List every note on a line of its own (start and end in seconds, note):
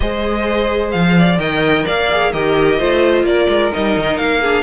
0.00 0.94 G#3
0.00 1.38 G#4
0.00 1.17 C5
0.00 0.91 D#5
0.91 1.37 F3
0.91 1.37 F5
1.18 1.40 D5
1.37 1.84 D#3
1.37 2.08 A#4
1.37 1.85 D#5
1.37 1.86 G5
1.85 2.32 A#3
1.85 2.31 D5
1.85 2.32 F5
2.11 2.33 G#4
2.32 2.79 D#3
2.32 2.79 G4
2.32 2.78 A#4
2.32 3.25 D#5
2.78 3.23 A3
2.78 3.71 F4
2.78 3.25 C5
3.23 3.46 A#3
3.23 4.40 A#4
3.23 3.72 D5
3.48 3.71 G#3
3.71 3.97 G3
3.71 4.41 D#4
3.71 4.17 D#5
3.97 4.18 D#3
4.17 4.63 A#3
4.17 4.63 F5
4.40 4.63 D4
4.40 4.63 G#4